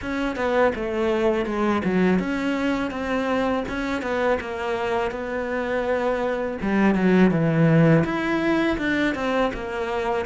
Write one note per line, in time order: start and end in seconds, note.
0.01 0.36 C#4
0.36 0.72 B3
0.75 1.45 A3
1.45 1.82 G#3
1.84 2.19 F#3
2.19 2.91 C#4
2.91 3.64 C4
3.68 4.01 C#4
4.01 4.38 B3
4.40 5.11 A#3
5.11 6.57 B3
6.61 6.94 G3
6.94 7.30 F#3
7.30 8.04 E3
8.04 8.77 E4
8.78 9.14 D4
9.15 9.51 C4
9.53 10.25 A#3